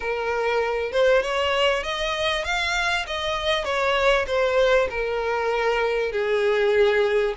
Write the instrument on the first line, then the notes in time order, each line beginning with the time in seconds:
violin
0.00 A#4
0.92 C5
1.22 C#5
1.83 D#5
2.44 F5
3.06 D#5
3.64 C#5
4.27 C5
4.90 A#4
6.12 G#4